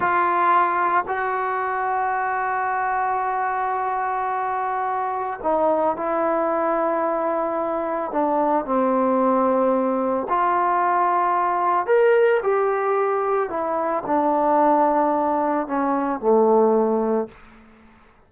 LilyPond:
\new Staff \with { instrumentName = "trombone" } { \time 4/4 \tempo 4 = 111 f'2 fis'2~ | fis'1~ | fis'2 dis'4 e'4~ | e'2. d'4 |
c'2. f'4~ | f'2 ais'4 g'4~ | g'4 e'4 d'2~ | d'4 cis'4 a2 | }